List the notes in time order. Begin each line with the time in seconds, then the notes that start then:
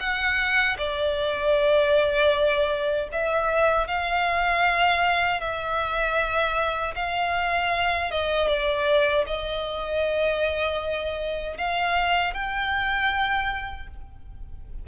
0.00 F#5
0.78 D5
3.12 E5
3.87 F5
5.41 E5
6.96 F5
8.11 D#5
8.48 D5
9.27 D#5
11.57 F5
12.34 G5